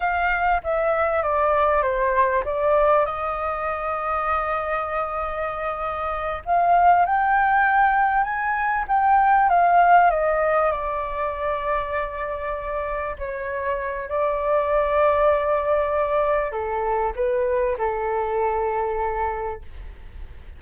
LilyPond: \new Staff \with { instrumentName = "flute" } { \time 4/4 \tempo 4 = 98 f''4 e''4 d''4 c''4 | d''4 dis''2.~ | dis''2~ dis''8 f''4 g''8~ | g''4. gis''4 g''4 f''8~ |
f''8 dis''4 d''2~ d''8~ | d''4. cis''4. d''4~ | d''2. a'4 | b'4 a'2. | }